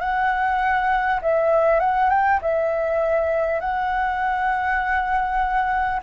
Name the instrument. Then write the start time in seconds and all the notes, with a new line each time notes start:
flute
0.00 F#5
1.22 E5
1.80 F#5
2.09 G5
2.42 E5
3.60 F#5